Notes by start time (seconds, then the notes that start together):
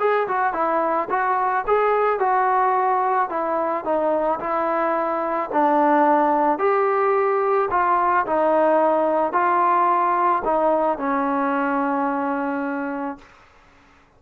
0.00 G#4
0.28 F#4
0.54 E4
1.10 F#4
1.67 G#4
2.20 F#4
3.30 E4
3.85 D#4
4.40 E4
5.53 D4
6.59 G4
7.71 F4
8.27 D#4
9.33 F4
10.45 D#4
10.98 C#4